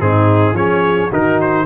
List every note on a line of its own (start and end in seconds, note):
0.00 0.53 G#2
0.00 0.55 C4
0.00 0.56 D#4
0.00 0.56 G#4
0.53 1.08 F3
0.53 1.11 C#4
0.53 1.10 G#4
0.53 1.11 C#5
1.10 1.66 D#3
1.10 1.66 D#4
1.10 1.65 F#4
1.10 1.41 A#4
1.41 1.66 C5